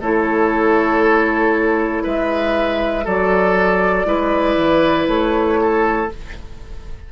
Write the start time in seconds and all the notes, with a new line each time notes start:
0.00 A3 E4 A4 C#5
2.03 G#3 B4 E5
3.04 F#3 F#4 A4 D5
4.06 G#3 E4 B4
4.57 E3
5.07 A3 C#5
5.62 A4